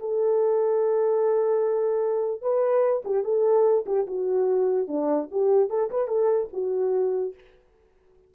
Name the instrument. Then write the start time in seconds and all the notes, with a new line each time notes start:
horn
0.00 A4
2.42 B4
3.05 G4
3.24 A4
3.86 G4
4.07 F#4
4.88 D4
5.31 G4
5.70 A4
5.91 B4
6.08 A4
6.53 F#4